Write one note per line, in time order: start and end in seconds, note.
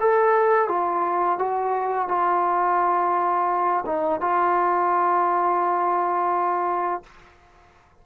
0.00 0.68 A4
0.68 1.38 F4
1.38 2.08 F#4
2.08 3.84 F4
3.86 4.20 D#4
4.20 7.03 F4